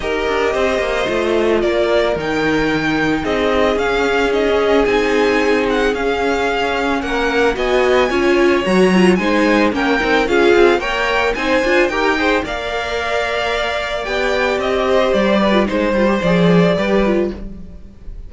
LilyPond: <<
  \new Staff \with { instrumentName = "violin" } { \time 4/4 \tempo 4 = 111 dis''2. d''4 | g''2 dis''4 f''4 | dis''4 gis''4. fis''8 f''4~ | f''4 fis''4 gis''2 |
ais''4 gis''4 g''4 f''4 | g''4 gis''4 g''4 f''4~ | f''2 g''4 dis''4 | d''4 c''4 d''2 | }
  \new Staff \with { instrumentName = "violin" } { \time 4/4 ais'4 c''2 ais'4~ | ais'2 gis'2~ | gis'1~ | gis'4 ais'4 dis''4 cis''4~ |
cis''4 c''4 ais'4 gis'4 | cis''4 c''4 ais'8 c''8 d''4~ | d''2.~ d''8 c''8~ | c''8 b'8 c''2 b'4 | }
  \new Staff \with { instrumentName = "viola" } { \time 4/4 g'2 f'2 | dis'2. cis'4 | dis'16 cis'8. dis'2 cis'4~ | cis'2 fis'4 f'4 |
fis'8 f'8 dis'4 cis'8 dis'8 f'4 | ais'4 dis'8 f'8 g'8 gis'8 ais'4~ | ais'2 g'2~ | g'8. f'16 dis'8 f'16 g'16 gis'4 g'8 f'8 | }
  \new Staff \with { instrumentName = "cello" } { \time 4/4 dis'8 d'8 c'8 ais8 a4 ais4 | dis2 c'4 cis'4~ | cis'4 c'2 cis'4~ | cis'4 ais4 b4 cis'4 |
fis4 gis4 ais8 c'8 cis'8 c'8 | ais4 c'8 d'8 dis'4 ais4~ | ais2 b4 c'4 | g4 gis8 g8 f4 g4 | }
>>